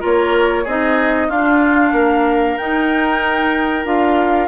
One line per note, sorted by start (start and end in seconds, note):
0.00 0.66 A#3
0.00 0.64 F4
0.00 0.63 A#4
0.00 0.67 C#5
0.63 1.29 C4
0.63 1.32 D#4
0.63 1.27 G#4
0.63 1.30 D#5
1.28 1.92 D4
1.28 2.59 D4
1.28 1.92 F4
1.28 2.57 F5
1.92 2.56 A#3
1.92 4.48 A#4
2.57 3.85 D#4
2.57 3.85 G5
3.85 4.48 D4
3.85 4.48 F4
3.85 4.48 F5